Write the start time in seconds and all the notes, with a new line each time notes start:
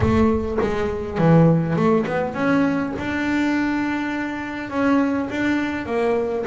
0.00 A3
0.60 G#3
1.18 E3
1.75 A3
2.06 B3
2.34 C#4
2.98 D4
4.70 C#4
5.30 D4
5.86 A#3